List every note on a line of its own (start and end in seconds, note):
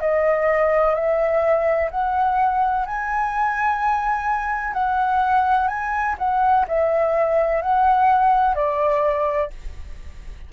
0.00 0.94 D#5
0.94 1.89 E5
1.90 2.85 F#5
2.85 4.73 G#5
4.73 5.68 F#5
5.68 6.15 G#5
6.18 6.65 F#5
6.68 7.61 E5
7.61 8.55 F#5
8.55 9.50 D5